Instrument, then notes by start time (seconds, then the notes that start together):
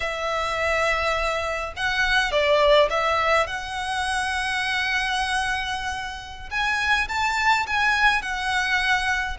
violin
0.00 E5
1.76 F#5
2.31 D5
2.90 E5
3.46 F#5
6.50 G#5
7.08 A5
7.67 G#5
8.22 F#5